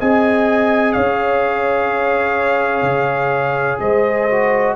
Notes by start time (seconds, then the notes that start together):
0.00 C4 G#4 D#5 G#5
0.93 C#4 C#5 F5
2.83 C#3
3.80 G#3 C5 D#5
4.31 F#4